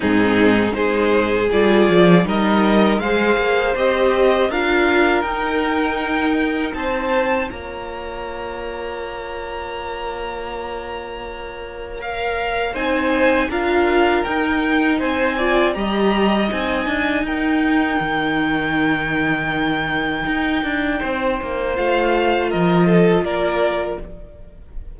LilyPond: <<
  \new Staff \with { instrumentName = "violin" } { \time 4/4 \tempo 4 = 80 gis'4 c''4 d''4 dis''4 | f''4 dis''4 f''4 g''4~ | g''4 a''4 ais''2~ | ais''1 |
f''4 gis''4 f''4 g''4 | gis''4 ais''4 gis''4 g''4~ | g''1~ | g''4 f''4 dis''4 d''4 | }
  \new Staff \with { instrumentName = "violin" } { \time 4/4 dis'4 gis'2 ais'4 | c''2 ais'2~ | ais'4 c''4 cis''2~ | cis''1~ |
cis''4 c''4 ais'2 | c''8 d''8 dis''2 ais'4~ | ais'1 | c''2 ais'8 a'8 ais'4 | }
  \new Staff \with { instrumentName = "viola" } { \time 4/4 c'4 dis'4 f'4 dis'4 | gis'4 g'4 f'4 dis'4~ | dis'2 f'2~ | f'1 |
ais'4 dis'4 f'4 dis'4~ | dis'8 f'8 g'4 dis'2~ | dis'1~ | dis'4 f'2. | }
  \new Staff \with { instrumentName = "cello" } { \time 4/4 gis,4 gis4 g8 f8 g4 | gis8 ais8 c'4 d'4 dis'4~ | dis'4 c'4 ais2~ | ais1~ |
ais4 c'4 d'4 dis'4 | c'4 g4 c'8 d'8 dis'4 | dis2. dis'8 d'8 | c'8 ais8 a4 f4 ais4 | }
>>